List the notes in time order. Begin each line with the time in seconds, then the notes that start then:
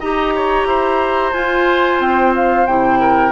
0.00 D#4 G4 D#5 A#5
0.36 C#5
0.66 E4 C5
1.33 F4 G#5
2.00 C4 G5
2.36 F5
2.67 C3 E4 G5
3.00 A#4